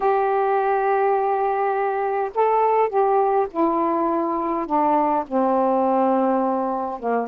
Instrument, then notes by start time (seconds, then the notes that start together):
saxophone
0.00 G4
2.34 A4
2.89 G4
3.51 E4
4.66 D4
5.27 C4
6.99 A#3